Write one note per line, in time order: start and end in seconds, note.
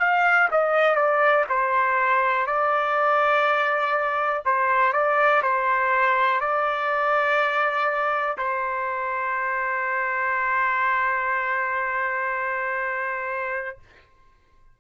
0.00 0.49 F5
0.52 0.96 D#5
0.96 1.45 D5
1.50 2.47 C5
2.47 4.44 D5
4.46 4.93 C5
4.93 5.42 D5
5.43 6.41 C5
6.41 8.37 D5
8.38 13.79 C5